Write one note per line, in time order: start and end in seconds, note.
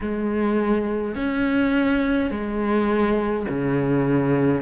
0.01 1.15 G#3
1.15 2.30 C#4
2.30 3.46 G#3
3.49 4.62 C#3